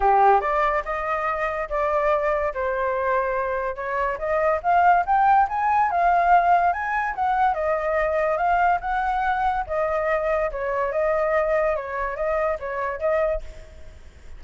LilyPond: \new Staff \with { instrumentName = "flute" } { \time 4/4 \tempo 4 = 143 g'4 d''4 dis''2 | d''2 c''2~ | c''4 cis''4 dis''4 f''4 | g''4 gis''4 f''2 |
gis''4 fis''4 dis''2 | f''4 fis''2 dis''4~ | dis''4 cis''4 dis''2 | cis''4 dis''4 cis''4 dis''4 | }